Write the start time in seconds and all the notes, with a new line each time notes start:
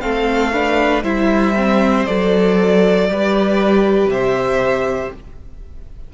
0.00 A3 C4 A4 F5
0.52 D4 B4
1.02 G3 E4 C5 E5
1.56 C4
2.06 F#3 A4 D5
3.08 G3 G4 B4
4.05 C3 E5
4.12 C5